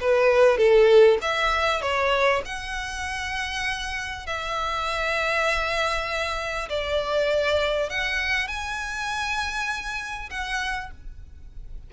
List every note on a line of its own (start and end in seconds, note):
0.00 0.57 B4
0.57 1.18 A4
1.21 1.81 E5
1.81 2.42 C#5
2.45 4.26 F#5
4.26 6.69 E5
6.69 7.89 D5
7.89 8.47 F#5
8.47 10.29 G#5
10.30 10.90 F#5